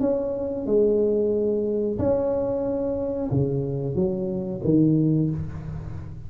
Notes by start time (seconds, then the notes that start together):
0.00 C#4
0.66 G#3
1.98 C#4
3.31 C#3
3.95 F#3
4.64 D#3